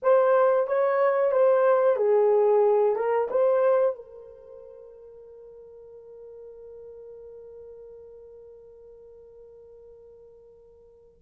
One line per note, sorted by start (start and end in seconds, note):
0.02 0.67 C5
0.67 1.31 C#5
1.31 1.96 C5
1.96 2.95 G#4
2.95 3.28 A#4
3.30 3.95 C5
3.95 11.20 A#4